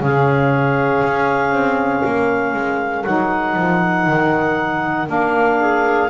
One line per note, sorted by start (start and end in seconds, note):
0.00 1.02 C#3
0.00 3.04 C#4
0.00 2.06 G#4
0.00 3.04 F5
1.03 1.51 C#4
1.51 2.02 C4
2.05 2.53 A#3
2.05 5.59 A#4
2.53 3.04 G#3
3.04 3.56 F#3
3.04 5.06 D#4
3.04 5.07 F#5
3.56 4.07 F3
4.07 5.08 D#3
5.06 6.10 A#3
5.06 6.08 D4
5.06 6.10 F5
5.59 6.10 G#4